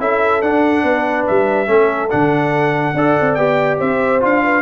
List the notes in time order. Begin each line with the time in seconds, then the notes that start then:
0.00 C#4 E4 A4 E5
0.42 D4 F#5
0.83 B3 B4
1.27 G3 E5
1.67 A3 C#4 A4
2.10 D3 D4 F#5
2.94 D4 A4 D5
3.21 C4
3.35 B3 G4 G5
3.79 C4 C5 E5
4.20 D4 F4 F5
4.44 B4